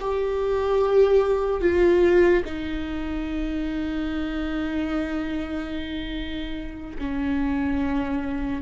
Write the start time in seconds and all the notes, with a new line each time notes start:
0.00 G4
1.61 F4
2.45 D#4
6.98 C#4